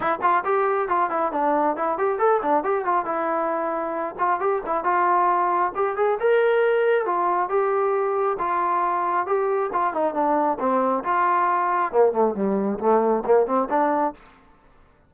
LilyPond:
\new Staff \with { instrumentName = "trombone" } { \time 4/4 \tempo 4 = 136 e'8 f'8 g'4 f'8 e'8 d'4 | e'8 g'8 a'8 d'8 g'8 f'8 e'4~ | e'4. f'8 g'8 e'8 f'4~ | f'4 g'8 gis'8 ais'2 |
f'4 g'2 f'4~ | f'4 g'4 f'8 dis'8 d'4 | c'4 f'2 ais8 a8 | g4 a4 ais8 c'8 d'4 | }